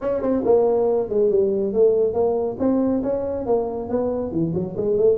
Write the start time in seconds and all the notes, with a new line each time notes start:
0.01 C#4
0.21 C4
0.44 A#3
1.09 G#3
1.30 G3
1.73 A3
2.13 A#3
2.59 C4
3.03 C#4
3.46 A#3
3.89 B3
4.31 E3
4.54 F#3
4.76 G#3
4.97 A3